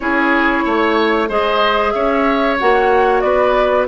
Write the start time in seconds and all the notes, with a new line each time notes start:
0.00 C#4 E4 G#4 C#5
0.65 A3 C#5
1.28 G#3 G#4 C5 D#5
1.91 C#4 C#5 E5
2.59 A#3 F#4 F#5
3.20 B3 B4 D5